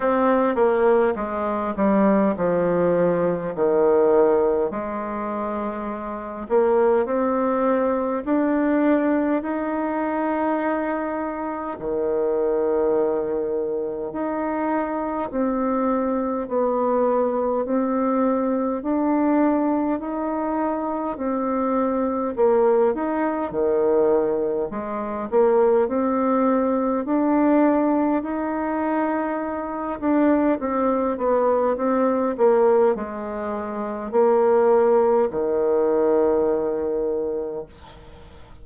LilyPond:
\new Staff \with { instrumentName = "bassoon" } { \time 4/4 \tempo 4 = 51 c'8 ais8 gis8 g8 f4 dis4 | gis4. ais8 c'4 d'4 | dis'2 dis2 | dis'4 c'4 b4 c'4 |
d'4 dis'4 c'4 ais8 dis'8 | dis4 gis8 ais8 c'4 d'4 | dis'4. d'8 c'8 b8 c'8 ais8 | gis4 ais4 dis2 | }